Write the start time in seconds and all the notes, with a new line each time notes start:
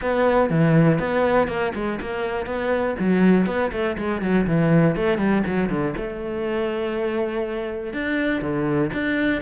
0.01 B3
0.50 E3
0.99 B3
1.47 A#3
1.74 G#3
2.00 A#3
2.45 B3
2.99 F#3
3.46 B3
3.72 A3
3.97 G#3
4.21 F#3
4.47 E3
4.96 A3
5.18 G3
5.46 F#3
5.69 D3
5.97 A3
7.93 D4
8.41 D3
8.93 D4